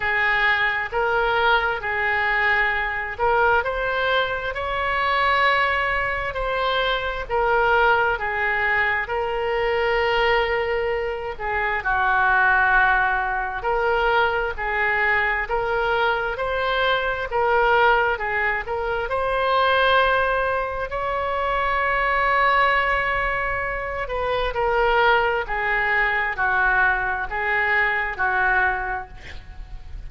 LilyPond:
\new Staff \with { instrumentName = "oboe" } { \time 4/4 \tempo 4 = 66 gis'4 ais'4 gis'4. ais'8 | c''4 cis''2 c''4 | ais'4 gis'4 ais'2~ | ais'8 gis'8 fis'2 ais'4 |
gis'4 ais'4 c''4 ais'4 | gis'8 ais'8 c''2 cis''4~ | cis''2~ cis''8 b'8 ais'4 | gis'4 fis'4 gis'4 fis'4 | }